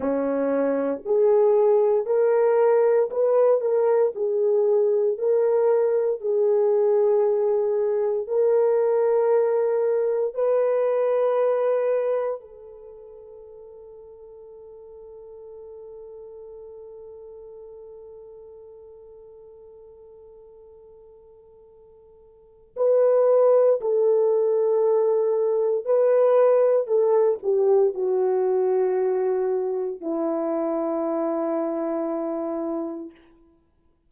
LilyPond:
\new Staff \with { instrumentName = "horn" } { \time 4/4 \tempo 4 = 58 cis'4 gis'4 ais'4 b'8 ais'8 | gis'4 ais'4 gis'2 | ais'2 b'2 | a'1~ |
a'1~ | a'2 b'4 a'4~ | a'4 b'4 a'8 g'8 fis'4~ | fis'4 e'2. | }